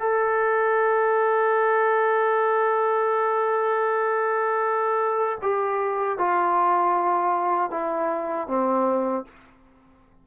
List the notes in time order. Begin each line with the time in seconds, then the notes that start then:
0.00 A4
5.43 G4
6.18 F4
7.71 E4
8.48 C4